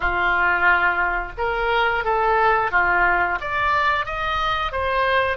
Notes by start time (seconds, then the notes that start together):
0.00 F4
1.37 A#4
2.04 A4
2.71 F4
3.40 D5
4.05 D#5
4.72 C5